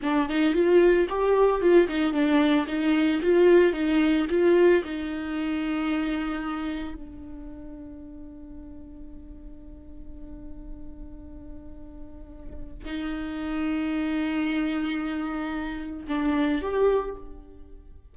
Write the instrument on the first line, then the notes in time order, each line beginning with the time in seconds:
viola
0.02 D4
0.29 D#4
0.53 F4
1.09 G4
1.61 F4
1.88 D#4
2.13 D4
2.67 D#4
3.22 F4
3.72 D#4
4.29 F4
4.84 D#4
6.94 D4
12.84 D#4
16.08 D4
16.61 G4